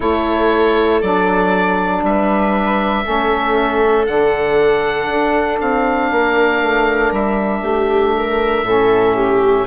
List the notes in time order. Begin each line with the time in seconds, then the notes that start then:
0.00 A3 E4 A4 C#5
1.01 F#3 D4 D5
2.02 G3 B4 E5
3.03 A3 C#4 A4
4.06 D3 D4 F#5
5.09 D4
5.60 C4 F5
6.11 A#3 A#4
6.61 A3
7.11 G3 E5
7.61 A3 G4
8.17 A#4
8.62 A2 C#4 A4
9.14 G4